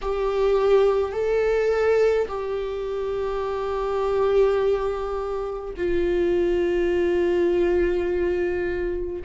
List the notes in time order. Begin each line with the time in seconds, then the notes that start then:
0.01 G4
1.12 A4
2.28 G4
5.76 F4